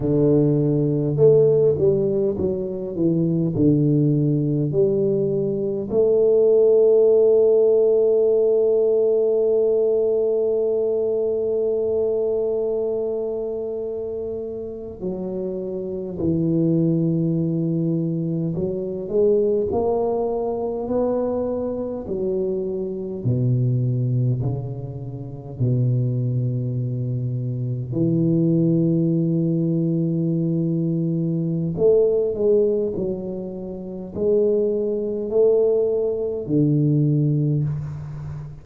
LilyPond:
\new Staff \with { instrumentName = "tuba" } { \time 4/4 \tempo 4 = 51 d4 a8 g8 fis8 e8 d4 | g4 a2.~ | a1~ | a8. fis4 e2 fis16~ |
fis16 gis8 ais4 b4 fis4 b,16~ | b,8. cis4 b,2 e16~ | e2. a8 gis8 | fis4 gis4 a4 d4 | }